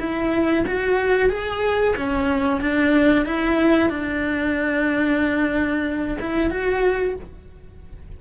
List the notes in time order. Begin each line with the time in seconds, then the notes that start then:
0.00 E4
0.67 F#4
1.30 G#4
1.97 C#4
2.61 D4
3.26 E4
3.90 D4
6.20 E4
6.51 F#4